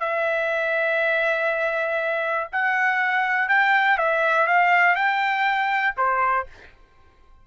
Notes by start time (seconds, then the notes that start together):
0.00 E5
2.52 F#5
3.48 G5
3.98 E5
4.47 F5
4.95 G5
5.97 C5